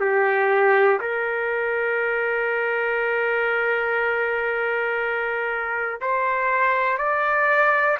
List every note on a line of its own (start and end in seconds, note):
0.00 1.00 G4
1.01 6.01 A#4
6.01 6.98 C5
6.98 7.98 D5